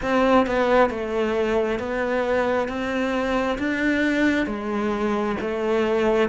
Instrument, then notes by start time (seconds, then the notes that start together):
cello
0.02 C4
0.46 B3
0.90 A3
1.79 B3
2.68 C4
3.58 D4
4.46 G#3
5.40 A3